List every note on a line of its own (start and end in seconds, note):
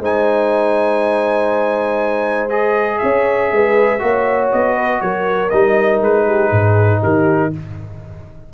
0.00 3.00 G#3
0.00 2.50 D#4
0.00 3.01 C5
0.00 2.50 G#5
2.50 3.99 G#4
2.50 2.99 D#5
2.99 3.52 C#4
2.99 3.52 C#5
2.99 4.49 E5
3.52 4.02 G#3
3.52 4.03 B4
3.99 4.52 A#3
3.99 5.49 F#4
3.99 4.76 C#5
4.52 5.02 B3
4.52 5.01 D#5
4.76 5.01 B4
5.01 5.52 F#3
5.01 6.27 A#4
5.01 5.50 C#5
5.50 6.01 G3
5.50 7.53 D#4
5.50 6.00 D#5
6.01 6.51 G#3
6.01 7.04 B4
6.27 6.51 G4
6.51 7.01 G#2
6.51 7.01 G#4
7.02 7.54 D#3
7.02 7.52 G4
7.02 7.54 A#4